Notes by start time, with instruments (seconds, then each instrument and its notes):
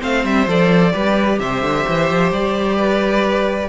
0.00 cello A3, viola C4, violin C5 F5
0.24 cello G3, violin E5
0.47 cello F3, viola A4, violin D5
0.92 cello G3, viola G4, violin B4
1.39 cello C3, violin C5 E5
1.62 cello D3
1.87 cello E3
2.10 cello F3
2.31 cello G3, violin D5
2.76 violin B4